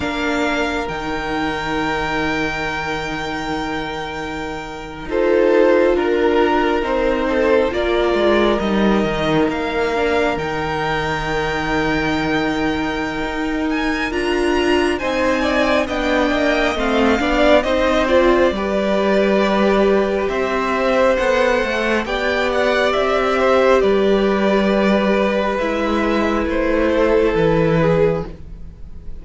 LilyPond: <<
  \new Staff \with { instrumentName = "violin" } { \time 4/4 \tempo 4 = 68 f''4 g''2.~ | g''4.~ g''16 c''4 ais'4 c''16~ | c''8. d''4 dis''4 f''4 g''16~ | g''2.~ g''8 gis''8 |
ais''4 gis''4 g''4 f''4 | dis''8 d''2~ d''8 e''4 | fis''4 g''8 fis''8 e''4 d''4~ | d''4 e''4 c''4 b'4 | }
  \new Staff \with { instrumentName = "violin" } { \time 4/4 ais'1~ | ais'4.~ ais'16 a'4 ais'4~ ais'16~ | ais'16 a'8 ais'2.~ ais'16~ | ais'1~ |
ais'4 c''8 d''8 dis''4. d''8 | c''4 b'2 c''4~ | c''4 d''4. c''8 b'4~ | b'2~ b'8 a'4 gis'8 | }
  \new Staff \with { instrumentName = "viola" } { \time 4/4 d'4 dis'2.~ | dis'4.~ dis'16 f'2 dis'16~ | dis'8. f'4 dis'4. d'8 dis'16~ | dis'1 |
f'4 dis'4 d'4 c'8 d'8 | dis'8 f'8 g'2. | a'4 g'2.~ | g'4 e'2. | }
  \new Staff \with { instrumentName = "cello" } { \time 4/4 ais4 dis2.~ | dis4.~ dis16 dis'4 d'4 c'16~ | c'8. ais8 gis8 g8 dis8 ais4 dis16~ | dis2. dis'4 |
d'4 c'4 b8 ais8 a8 b8 | c'4 g2 c'4 | b8 a8 b4 c'4 g4~ | g4 gis4 a4 e4 | }
>>